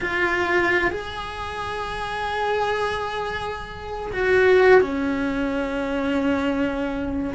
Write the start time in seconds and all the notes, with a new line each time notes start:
0.00 F4
0.90 G#4
4.12 F#4
4.81 C#4